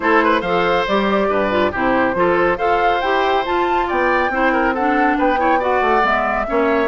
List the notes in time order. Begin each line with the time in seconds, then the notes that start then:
0.00 A3 E4 A4 C5
0.24 B4
0.41 F3 A4 C5 F5
0.87 G3 G4 D5
1.29 G2 B4
1.50 F4
1.71 C3 E4 G4 C5
2.14 F3 F4 A4
2.57 F4 A4 C5 F5
3.01 E4 G4 G5
3.44 F4 A5
3.87 B3 D5 G5
4.29 C4 E4 C5
4.52 A#4
4.74 D4 A4 F#5
5.18 B3 B4 G5
5.37 E4 C#5
5.59 F#4 D5 F#5
5.81 A3
6.01 G#3 B3 E5
6.47 A#3 C#4 C#5